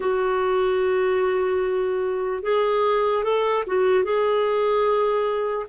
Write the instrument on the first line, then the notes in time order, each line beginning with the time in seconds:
clarinet
0.00 F#4
2.43 G#4
3.23 A4
3.66 F#4
4.04 G#4